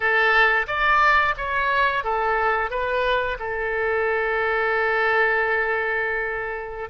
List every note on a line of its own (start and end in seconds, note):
0.00 0.66 A4
0.67 1.34 D5
1.37 2.04 C#5
2.04 2.70 A4
2.70 3.37 B4
3.39 6.89 A4